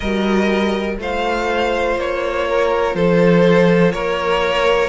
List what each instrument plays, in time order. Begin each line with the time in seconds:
0.00 cello G3, viola F#4, violin A#4 D#5
0.98 cello A3, viola F4, violin C5 F5
1.96 cello A#3, violin C#5
2.48 violin A#4
2.94 cello F3, violin A4 C5
3.92 cello A#3, violin A#4 C#5